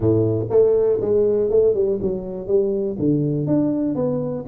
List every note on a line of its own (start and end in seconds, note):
0.00 0.46 A2
0.50 0.99 A3
1.00 1.50 G#3
1.50 1.74 A3
1.74 1.99 G3
2.01 2.47 F#3
2.47 2.96 G3
2.98 3.47 D3
3.47 3.95 D4
3.95 4.44 B3